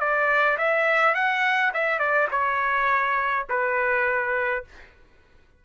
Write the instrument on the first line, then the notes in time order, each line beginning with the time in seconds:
trumpet
0.00 D5
0.58 E5
1.15 F#5
1.74 E5
1.99 D5
2.31 C#5
3.49 B4